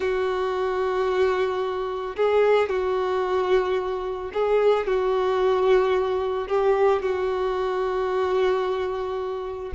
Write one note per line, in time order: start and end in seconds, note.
0.00 2.15 F#4
2.16 2.69 G#4
2.69 4.31 F#4
4.33 4.86 G#4
4.86 6.48 F#4
6.48 7.02 G4
7.02 9.72 F#4